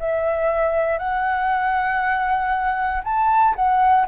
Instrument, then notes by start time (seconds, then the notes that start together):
flute
0.00 E5
0.99 F#5
3.04 A5
3.56 F#5